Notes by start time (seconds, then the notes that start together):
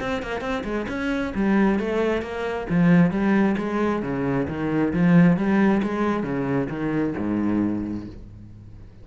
0.00 C4
0.22 A#3
0.41 C4
0.64 G#3
0.89 C#4
1.35 G3
1.80 A3
2.22 A#3
2.70 F3
3.11 G3
3.58 G#3
4.03 C#3
4.48 D#3
4.93 F3
5.37 G3
5.83 G#3
6.23 C#3
6.70 D#3
7.18 G#2